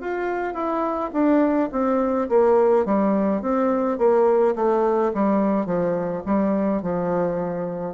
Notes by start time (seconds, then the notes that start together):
0.00 F4
0.54 E4
1.13 D4
1.71 C4
2.28 A#3
2.85 G3
3.42 C4
3.98 A#3
4.55 A3
5.14 G3
5.66 F3
6.25 G3
6.82 F3